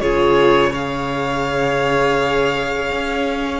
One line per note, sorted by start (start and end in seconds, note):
0.00 2.90 C#3
0.00 0.73 F4
0.00 0.70 G#4
0.00 0.72 C#5
0.70 3.59 G#4
0.70 3.59 C#5
0.70 3.59 F5
2.91 3.59 C#4